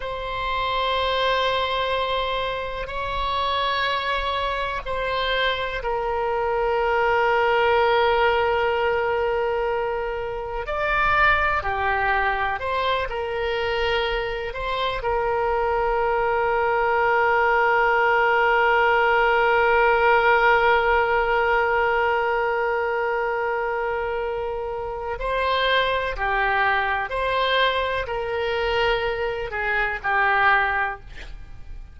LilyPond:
\new Staff \with { instrumentName = "oboe" } { \time 4/4 \tempo 4 = 62 c''2. cis''4~ | cis''4 c''4 ais'2~ | ais'2. d''4 | g'4 c''8 ais'4. c''8 ais'8~ |
ais'1~ | ais'1~ | ais'2 c''4 g'4 | c''4 ais'4. gis'8 g'4 | }